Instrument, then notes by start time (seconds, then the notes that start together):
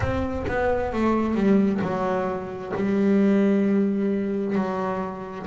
double bass
0.00 C4
0.47 B3
0.93 A3
1.34 G3
1.81 F#3
2.75 G3
4.55 F#3